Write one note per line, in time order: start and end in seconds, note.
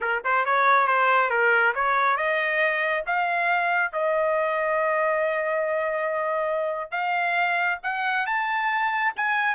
0.01 0.22 A#4
0.24 0.45 C5
0.45 0.87 C#5
0.87 1.30 C5
1.30 1.73 A#4
1.74 2.16 C#5
2.16 3.03 D#5
3.06 3.92 F5
3.92 6.91 D#5
6.91 7.78 F5
7.83 8.26 F#5
8.26 9.13 A5
9.16 9.55 G#5